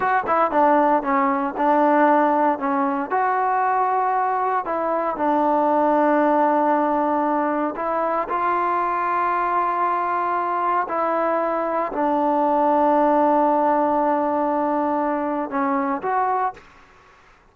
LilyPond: \new Staff \with { instrumentName = "trombone" } { \time 4/4 \tempo 4 = 116 fis'8 e'8 d'4 cis'4 d'4~ | d'4 cis'4 fis'2~ | fis'4 e'4 d'2~ | d'2. e'4 |
f'1~ | f'4 e'2 d'4~ | d'1~ | d'2 cis'4 fis'4 | }